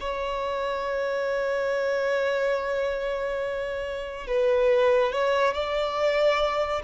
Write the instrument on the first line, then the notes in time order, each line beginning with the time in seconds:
violin
0.00 C#5
4.27 B4
5.12 C#5
5.54 D5